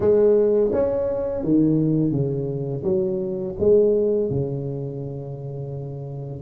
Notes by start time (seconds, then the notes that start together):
0.00 G#3
0.72 C#4
1.43 D#3
2.11 C#3
2.83 F#3
3.59 G#3
4.30 C#3